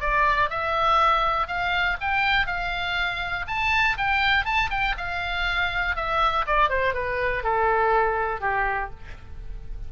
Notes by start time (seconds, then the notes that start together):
0.00 D5
0.50 E5
1.47 F5
2.01 G5
2.46 F5
3.47 A5
3.97 G5
4.45 A5
4.70 G5
4.97 F5
5.96 E5
6.46 D5
6.69 C5
6.94 B4
7.43 A4
8.40 G4